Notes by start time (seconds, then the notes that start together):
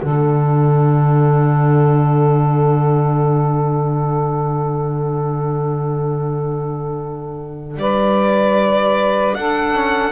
0.00 D3 D4 A4 F#5
7.77 G3 B4 D5
9.35 D4 A4 F#5
9.74 C#4